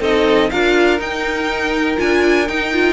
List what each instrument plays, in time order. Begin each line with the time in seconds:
0.00 cello C4, viola D#4, violin A4 D#5
0.50 cello D4, viola F4, violin A#4 F5
0.98 viola D#4, cello D#4, violin G5
1.96 cello D4, viola F4, violin G#5
2.48 cello D#4, viola D#4, violin G5
2.72 viola F4